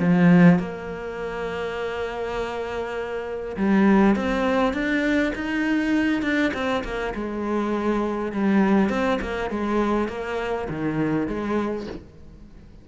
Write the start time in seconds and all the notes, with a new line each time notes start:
0.00 F3
0.60 A#3
3.57 G3
4.16 C4
4.74 D4
5.35 D#4
6.23 D4
6.54 C4
6.85 A#3
7.15 G#3
8.33 G3
8.90 C4
9.22 A#3
9.51 G#3
10.09 A#3
10.70 D#3
11.28 G#3